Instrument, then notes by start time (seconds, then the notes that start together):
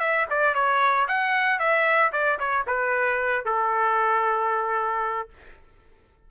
trumpet
0.00 E5
0.30 D5
0.55 C#5
1.08 F#5
1.59 E5
2.13 D5
2.39 C#5
2.67 B4
3.45 A4